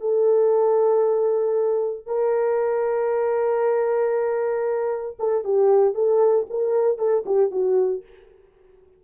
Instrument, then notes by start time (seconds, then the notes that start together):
horn
0.00 A4
2.06 A#4
5.19 A4
5.44 G4
5.94 A4
6.50 A#4
6.98 A4
7.26 G4
7.51 F#4